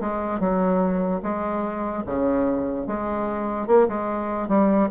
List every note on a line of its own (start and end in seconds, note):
0.00 0.40 G#3
0.40 1.21 F#3
1.22 2.03 G#3
2.06 2.87 C#3
2.87 3.67 G#3
3.67 3.87 A#3
3.88 4.48 G#3
4.48 4.89 G3